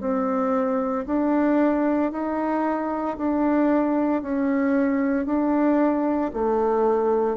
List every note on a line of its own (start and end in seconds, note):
0.00 1.05 C4
1.06 2.11 D4
2.11 3.17 D#4
3.17 4.22 D4
4.22 5.25 C#4
5.25 6.31 D4
6.33 7.37 A3